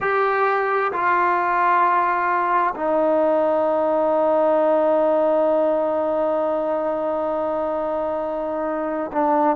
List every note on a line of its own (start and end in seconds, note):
0.00 0.91 G4
0.92 2.74 F4
2.75 9.11 D#4
9.12 9.56 D4